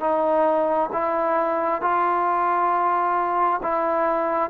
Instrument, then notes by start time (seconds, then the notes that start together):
trombone
0.00 D#4
0.92 E4
1.81 F4
3.62 E4